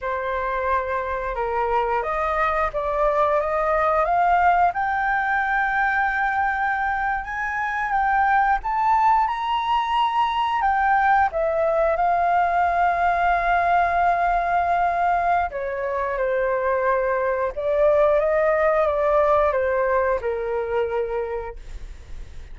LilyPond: \new Staff \with { instrumentName = "flute" } { \time 4/4 \tempo 4 = 89 c''2 ais'4 dis''4 | d''4 dis''4 f''4 g''4~ | g''2~ g''8. gis''4 g''16~ | g''8. a''4 ais''2 g''16~ |
g''8. e''4 f''2~ f''16~ | f''2. cis''4 | c''2 d''4 dis''4 | d''4 c''4 ais'2 | }